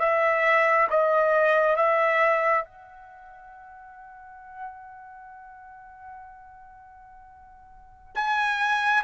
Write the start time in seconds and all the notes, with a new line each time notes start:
0.00 E5
0.91 D#5
1.76 E5
2.65 F#5
8.16 G#5